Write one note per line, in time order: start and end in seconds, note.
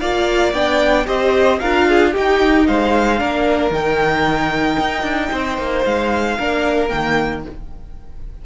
0.00 0.53 A#3
0.00 0.54 F4
0.00 1.07 D5
0.00 0.53 F5
0.53 1.06 B3
0.53 1.06 D4
0.53 1.07 G5
1.06 1.61 C4
1.06 1.59 G4
1.06 1.60 C5
1.06 1.60 D#5
1.60 2.15 D4
1.60 2.15 F4
1.60 1.88 A#4
1.60 2.13 F5
1.88 2.12 G#4
2.12 3.18 D#4
2.12 2.68 D#4
2.12 2.65 G4
2.12 2.67 G5
2.67 3.21 G#3
2.67 3.20 C5
2.67 3.73 F5
3.18 3.71 A#3
3.18 3.71 D4
3.18 5.32 A#4
3.71 4.77 D#3
3.71 6.38 D#4
3.71 5.85 G5
4.79 5.03 D#4
5.03 5.30 D4
5.32 5.59 C4
5.32 6.38 C5
5.59 5.85 A#3
5.85 6.39 G#3
5.85 6.89 F5
6.38 6.92 A#3
6.38 6.89 D4
6.38 7.44 A#4
6.89 7.46 D#3
6.89 7.42 A#3
6.89 7.42 G5